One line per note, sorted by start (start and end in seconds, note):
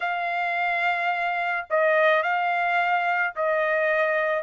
0.00 1.66 F5
1.70 2.22 D#5
2.22 3.34 F5
3.35 4.43 D#5